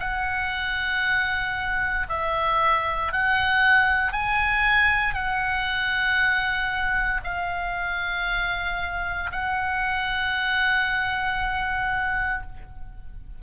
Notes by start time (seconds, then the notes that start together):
0.00 F#5
2.09 E5
3.12 F#5
4.13 G#5
5.14 F#5
7.24 F5
9.32 F#5